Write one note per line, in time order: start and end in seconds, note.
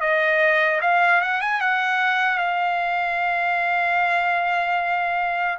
0.00 0.80 D#5
0.81 1.21 F5
1.21 1.41 F#5
1.41 1.60 G#5
1.60 2.37 F#5
2.37 5.57 F5